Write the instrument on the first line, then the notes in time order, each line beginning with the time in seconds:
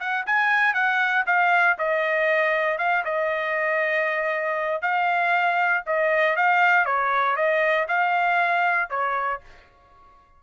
trumpet
0.00 F#5
0.26 G#5
0.74 F#5
1.26 F5
1.78 D#5
2.78 F5
3.05 D#5
4.82 F5
5.86 D#5
6.36 F5
6.86 C#5
7.36 D#5
7.88 F5
8.90 C#5